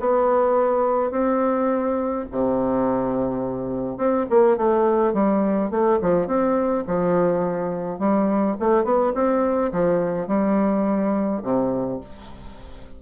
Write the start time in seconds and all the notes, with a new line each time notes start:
0.00 B3
1.11 C4
2.31 C3
3.97 C4
4.30 A#3
4.57 A3
5.14 G3
5.70 A3
6.02 F3
6.27 C4
6.87 F3
7.99 G3
8.60 A3
8.84 B3
9.15 C4
9.72 F3
10.27 G3
11.43 C3